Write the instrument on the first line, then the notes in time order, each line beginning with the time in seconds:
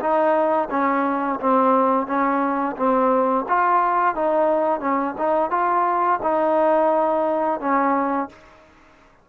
trombone
0.00 D#4
0.71 C#4
1.40 C4
2.07 C#4
2.77 C4
3.49 F4
4.15 D#4
4.80 C#4
5.18 D#4
5.51 F4
6.23 D#4
7.61 C#4